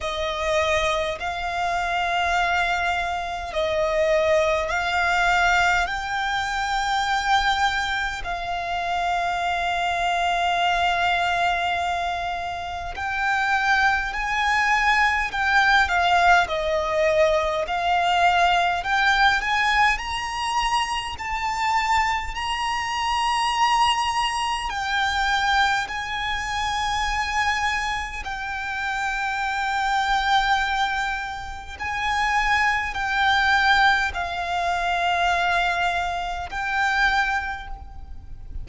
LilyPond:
\new Staff \with { instrumentName = "violin" } { \time 4/4 \tempo 4 = 51 dis''4 f''2 dis''4 | f''4 g''2 f''4~ | f''2. g''4 | gis''4 g''8 f''8 dis''4 f''4 |
g''8 gis''8 ais''4 a''4 ais''4~ | ais''4 g''4 gis''2 | g''2. gis''4 | g''4 f''2 g''4 | }